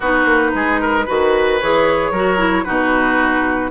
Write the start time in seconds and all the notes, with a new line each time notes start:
0.00 B3 D#4 F#4 B4
0.25 A#3
0.54 G#3 G#4
0.80 A#4
1.05 D#3 F#4 B4
1.60 E3 G#4 C#5
2.11 F#3 F#4 A#4
2.37 E4
2.64 B2 D#4 F#4 B4